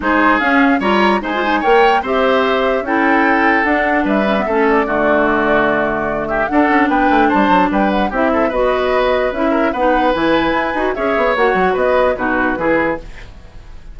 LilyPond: <<
  \new Staff \with { instrumentName = "flute" } { \time 4/4 \tempo 4 = 148 c''4 f''4 ais''4 gis''4 | g''4 e''2 g''4~ | g''4 fis''4 e''4. d''8~ | d''2.~ d''8 e''8 |
fis''4 g''4 a''4 g''8 fis''8 | e''4 dis''2 e''4 | fis''4 gis''2 e''4 | fis''4 dis''4 b'2 | }
  \new Staff \with { instrumentName = "oboe" } { \time 4/4 gis'2 cis''4 c''4 | cis''4 c''2 a'4~ | a'2 b'4 a'4 | fis'2.~ fis'8 g'8 |
a'4 b'4 c''4 b'4 | g'8 a'8 b'2~ b'8 ais'8 | b'2. cis''4~ | cis''4 b'4 fis'4 gis'4 | }
  \new Staff \with { instrumentName = "clarinet" } { \time 4/4 dis'4 cis'4 f'4 dis'16 f'16 dis'8 | ais'4 g'2 e'4~ | e'4 d'4. cis'16 b16 cis'4 | a1 |
d'1 | e'4 fis'2 e'4 | dis'4 e'4. fis'8 gis'4 | fis'2 dis'4 e'4 | }
  \new Staff \with { instrumentName = "bassoon" } { \time 4/4 gis4 cis'4 g4 gis4 | ais4 c'2 cis'4~ | cis'4 d'4 g4 a4 | d1 |
d'8 cis'8 b8 a8 g8 fis8 g4 | c'4 b2 cis'4 | b4 e4 e'8 dis'8 cis'8 b8 | ais8 fis8 b4 b,4 e4 | }
>>